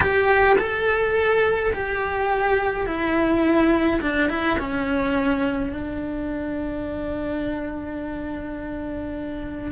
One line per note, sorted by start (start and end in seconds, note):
0.00 0.56 G4
0.58 1.72 A4
1.73 2.86 G4
2.86 4.00 E4
4.01 4.29 D4
4.29 4.58 E4
4.58 5.72 C#4
5.72 9.71 D4